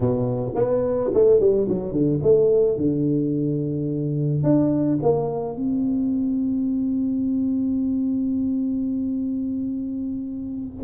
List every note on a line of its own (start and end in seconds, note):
0.00 0.53 B2
0.55 1.11 B3
1.13 1.39 A3
1.39 1.67 G3
1.68 1.91 F#3
1.91 2.19 D3
2.22 2.77 A3
2.77 4.43 D3
4.43 4.98 D4
5.02 5.56 A#3
5.56 10.83 C4